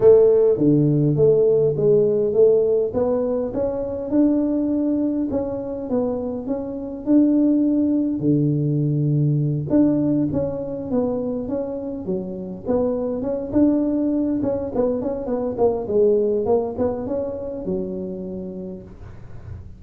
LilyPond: \new Staff \with { instrumentName = "tuba" } { \time 4/4 \tempo 4 = 102 a4 d4 a4 gis4 | a4 b4 cis'4 d'4~ | d'4 cis'4 b4 cis'4 | d'2 d2~ |
d8 d'4 cis'4 b4 cis'8~ | cis'8 fis4 b4 cis'8 d'4~ | d'8 cis'8 b8 cis'8 b8 ais8 gis4 | ais8 b8 cis'4 fis2 | }